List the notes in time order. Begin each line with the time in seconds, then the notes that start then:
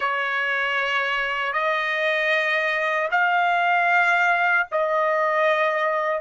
0.00 C#5
1.53 D#5
3.11 F5
4.71 D#5